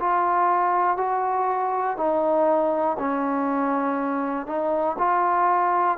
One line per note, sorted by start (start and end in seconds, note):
0.00 0.97 F4
0.97 1.97 F#4
1.97 2.97 D#4
2.99 4.47 C#4
4.47 4.97 D#4
4.98 5.98 F4